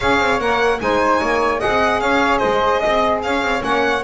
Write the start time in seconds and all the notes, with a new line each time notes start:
0.00 C#4 G#4 C#5 F5
0.19 C4
0.39 A#3 A#4 F#5
0.79 G#3 D#4 C5 G#5
1.19 A#3 C#5
1.59 C4 G#4 D#5 F#5
2.00 C#4 C#5 F5
2.37 G#3 C5 D#5
2.79 D#5
2.85 C4
3.22 C#4 C#5 F5
3.41 C4
3.60 A#3 C#4 F#5